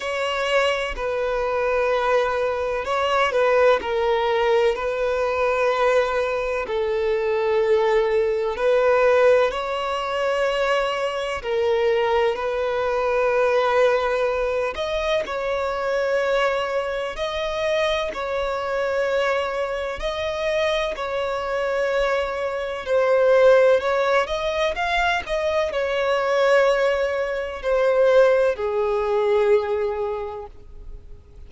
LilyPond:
\new Staff \with { instrumentName = "violin" } { \time 4/4 \tempo 4 = 63 cis''4 b'2 cis''8 b'8 | ais'4 b'2 a'4~ | a'4 b'4 cis''2 | ais'4 b'2~ b'8 dis''8 |
cis''2 dis''4 cis''4~ | cis''4 dis''4 cis''2 | c''4 cis''8 dis''8 f''8 dis''8 cis''4~ | cis''4 c''4 gis'2 | }